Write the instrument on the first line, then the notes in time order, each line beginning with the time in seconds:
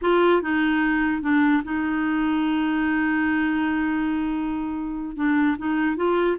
clarinet
0.01 F4
0.42 D#4
1.22 D4
1.64 D#4
5.16 D4
5.58 D#4
5.96 F4